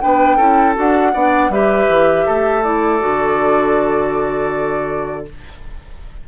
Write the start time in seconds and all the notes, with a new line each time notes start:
0.00 B3 D4 B4 G5
0.37 C#4 E4 A4
0.75 D4 F#4 F#5
1.13 B3 D4 D5
1.50 G3 G4 B4 E5
1.88 E3
2.26 A3 A4
2.63 E4 D5
3.00 D3 F#4